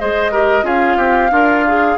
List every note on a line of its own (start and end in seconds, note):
0.00 0.63 G#3
0.00 0.33 G#4
0.00 0.32 C5
0.00 0.67 D#5
0.32 0.63 G4
0.32 0.65 A#4
0.63 0.96 C#4
0.63 1.30 F4
0.63 0.98 G#4
0.63 1.98 F5
0.98 1.31 C4
0.98 1.31 G4
1.31 1.97 D4
1.31 1.98 F4
1.31 1.66 A#4
1.68 1.98 G#4